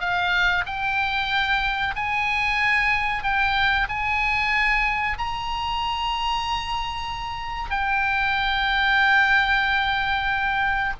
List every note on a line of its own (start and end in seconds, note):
0.00 0.65 F5
0.66 1.95 G5
1.96 3.23 G#5
3.23 3.88 G5
3.89 5.18 G#5
5.18 7.71 A#5
7.71 10.93 G5